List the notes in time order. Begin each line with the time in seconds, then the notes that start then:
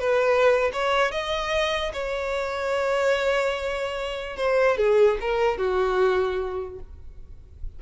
0.00 B4
0.73 C#5
1.11 D#5
1.93 C#5
4.37 C5
4.78 G#4
5.21 A#4
5.58 F#4